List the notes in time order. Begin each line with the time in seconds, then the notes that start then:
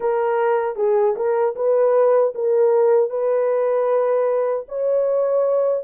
0.00 A#4
0.75 G#4
1.15 A#4
1.55 B4
2.34 A#4
3.10 B4
4.68 C#5